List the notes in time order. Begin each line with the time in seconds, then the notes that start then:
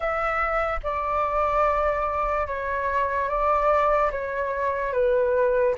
0.00 E5
0.83 D5
2.47 C#5
3.28 D5
4.11 C#5
4.92 B4